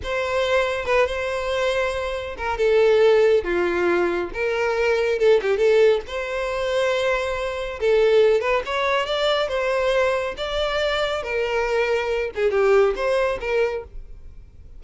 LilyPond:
\new Staff \with { instrumentName = "violin" } { \time 4/4 \tempo 4 = 139 c''2 b'8 c''4.~ | c''4. ais'8 a'2 | f'2 ais'2 | a'8 g'8 a'4 c''2~ |
c''2 a'4. b'8 | cis''4 d''4 c''2 | d''2 ais'2~ | ais'8 gis'8 g'4 c''4 ais'4 | }